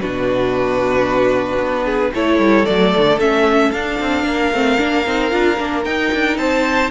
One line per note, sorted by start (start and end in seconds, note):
0.00 1.58 B2
0.00 2.12 D4
0.00 1.84 F#4
0.00 2.13 B4
1.58 2.11 B3
1.84 2.11 G#4
2.14 2.38 A3
2.14 2.66 E4
2.14 4.25 A4
2.14 2.65 C#5
2.38 2.65 G3
2.65 2.95 F#3
2.65 3.19 A3
2.65 3.18 D5
2.97 3.18 D3
3.18 3.71 A3
3.18 3.73 C#4
3.18 3.71 E5
3.71 3.99 D4
3.71 4.54 D4
3.71 5.84 F5
4.00 4.24 C4
4.24 4.51 A#3
4.24 6.38 A#4
4.52 4.78 A3
4.52 4.78 C4
4.78 5.07 A#3
4.78 5.04 D4
5.07 5.32 C4
5.07 5.30 D#4
5.30 5.59 D4
5.30 5.57 F4
5.58 5.86 A#3
5.58 5.84 D4
5.84 6.90 D#4
5.84 6.12 D#4
5.84 6.37 G5
6.13 6.37 D4
6.37 6.90 C4
6.37 6.90 C5
6.37 6.90 A5